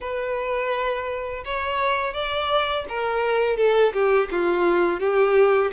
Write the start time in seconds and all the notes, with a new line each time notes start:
0.01 B4
1.44 C#5
2.13 D5
2.88 A#4
3.56 A4
3.93 G4
4.31 F4
4.99 G4